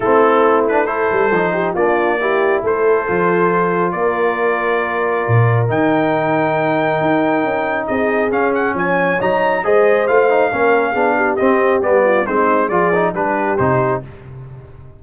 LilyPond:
<<
  \new Staff \with { instrumentName = "trumpet" } { \time 4/4 \tempo 4 = 137 a'4. b'8 c''2 | d''2 c''2~ | c''4 d''2.~ | d''4 g''2.~ |
g''2 dis''4 f''8 fis''8 | gis''4 ais''4 dis''4 f''4~ | f''2 dis''4 d''4 | c''4 d''4 b'4 c''4 | }
  \new Staff \with { instrumentName = "horn" } { \time 4/4 e'2 a'4. g'8 | f'4 g'4 a'2~ | a'4 ais'2.~ | ais'1~ |
ais'2 gis'2 | cis''2 c''2 | ais'4 gis'8 g'2 f'8 | dis'4 gis'4 g'2 | }
  \new Staff \with { instrumentName = "trombone" } { \time 4/4 c'4. d'8 e'4 dis'4 | d'4 e'2 f'4~ | f'1~ | f'4 dis'2.~ |
dis'2. cis'4~ | cis'4 dis'4 gis'4 f'8 dis'8 | cis'4 d'4 c'4 b4 | c'4 f'8 dis'8 d'4 dis'4 | }
  \new Staff \with { instrumentName = "tuba" } { \time 4/4 a2~ a8 g8 f4 | ais2 a4 f4~ | f4 ais2. | ais,4 dis2. |
dis'4 cis'4 c'4 cis'4 | f4 fis4 gis4 a4 | ais4 b4 c'4 g4 | gis4 f4 g4 c4 | }
>>